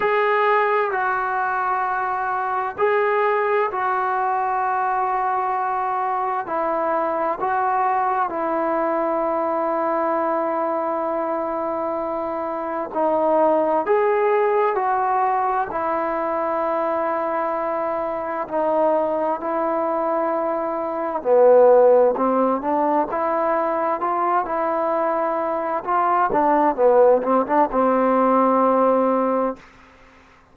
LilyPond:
\new Staff \with { instrumentName = "trombone" } { \time 4/4 \tempo 4 = 65 gis'4 fis'2 gis'4 | fis'2. e'4 | fis'4 e'2.~ | e'2 dis'4 gis'4 |
fis'4 e'2. | dis'4 e'2 b4 | c'8 d'8 e'4 f'8 e'4. | f'8 d'8 b8 c'16 d'16 c'2 | }